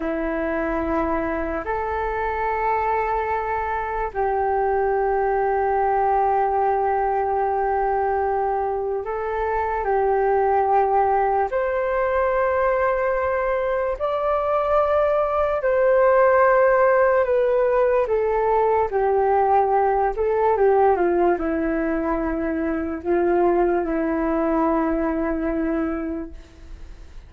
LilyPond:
\new Staff \with { instrumentName = "flute" } { \time 4/4 \tempo 4 = 73 e'2 a'2~ | a'4 g'2.~ | g'2. a'4 | g'2 c''2~ |
c''4 d''2 c''4~ | c''4 b'4 a'4 g'4~ | g'8 a'8 g'8 f'8 e'2 | f'4 e'2. | }